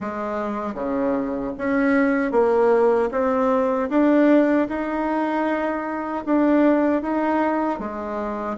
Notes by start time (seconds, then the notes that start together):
0.00 G#3
0.74 C#3
1.58 C#4
2.31 A#3
3.11 C4
3.89 D4
4.68 D#4
6.26 D4
7.01 D#4
7.79 G#3